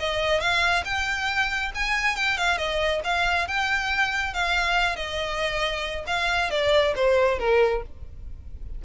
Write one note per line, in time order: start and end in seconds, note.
0.00 0.41 D#5
0.41 0.84 F5
0.85 1.72 G5
1.75 2.16 G#5
2.16 2.38 G5
2.38 2.58 F5
2.58 3.01 D#5
3.05 3.48 F5
3.48 4.34 G5
4.34 4.97 F5
4.97 6.05 D#5
6.08 6.51 F5
6.51 6.94 D5
6.96 7.39 C5
7.39 7.83 A#4